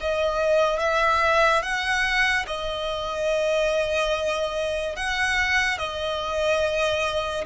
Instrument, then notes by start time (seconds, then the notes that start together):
violin
0.00 D#5
0.79 E5
1.62 F#5
2.46 D#5
4.95 F#5
5.78 D#5